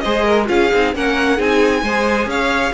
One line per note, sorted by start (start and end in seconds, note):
0.00 0.50 G#3
0.00 0.47 G#4
0.00 0.25 C5
0.00 0.45 D#5
0.25 0.48 A#4
0.47 0.72 C#4
0.47 0.69 F4
0.47 0.96 G#4
0.47 0.94 F5
0.74 0.95 C4
0.74 0.95 D#4
0.95 1.40 A#3
0.95 1.38 C#4
0.95 1.37 A#4
0.95 1.41 F#5
1.37 1.83 C4
1.37 1.83 D#4
1.37 1.82 G#4
1.37 2.30 G#5
1.83 2.27 G#3
1.83 2.74 G#4
1.83 2.29 C5
2.27 2.72 C#4
2.27 2.74 C#5
2.27 2.74 F5